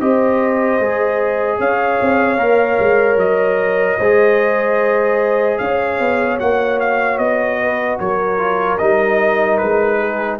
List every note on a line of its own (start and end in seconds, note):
0.00 0.80 C4
0.00 0.81 G4
0.00 1.59 C5
0.00 1.61 D#5
0.80 1.60 G#3
0.80 2.38 G#4
1.59 2.00 C#4
1.59 3.99 C#5
1.59 3.19 F5
2.02 2.37 C4
2.37 2.77 A#3
2.37 3.98 A#4
2.80 3.17 G#3
3.17 3.97 F#3
3.17 5.58 D#5
3.99 5.59 G#3
3.99 6.39 G#4
3.99 5.59 C5
5.58 6.00 C#4
5.58 7.61 C#5
5.58 6.38 F5
6.00 6.40 B3
6.39 7.19 A#3
6.39 8.38 F#4
6.39 6.80 F#5
6.80 7.19 F5
7.19 7.99 B3
7.19 7.99 D#5
7.61 8.01 B4
8.00 8.80 F#3
8.00 9.99 A#4
8.00 8.78 C#5
8.38 8.78 F4
8.78 9.62 G3
8.78 10.40 D#4
8.78 9.58 D#5
9.58 10.40 G#3
9.58 10.38 B4
9.99 10.39 G#4